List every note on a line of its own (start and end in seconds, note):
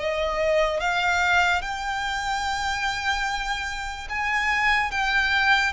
0.00 0.80 D#5
0.80 1.62 F5
1.62 4.09 G5
4.10 4.91 G#5
4.91 5.73 G5